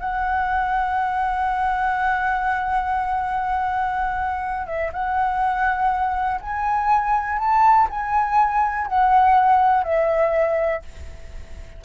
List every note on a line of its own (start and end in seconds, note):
0.00 4.67 F#5
4.67 4.92 E5
4.93 6.41 F#5
6.41 7.39 G#5
7.39 7.88 A5
7.90 8.87 G#5
8.87 9.84 F#5
9.84 10.83 E5